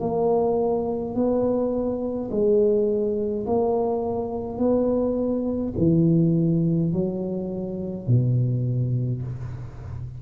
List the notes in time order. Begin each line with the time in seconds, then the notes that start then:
0.00 A#3
1.14 B3
2.30 G#3
3.46 A#3
4.58 B3
5.78 E3
6.93 F#3
8.07 B2